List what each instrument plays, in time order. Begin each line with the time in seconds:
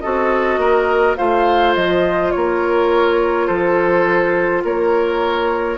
0.00 bassoon C4, clarinet F#4, oboe A4, flute D#5
0.57 bassoon A#3, oboe A#4
1.16 bassoon A3, clarinet F4, oboe C5, flute F5
1.75 bassoon F3, flute D#5
2.31 bassoon A#3, oboe A#4, flute C#5
3.47 bassoon F3, oboe A4, flute C5
4.64 bassoon A#3, oboe A#4, flute C#5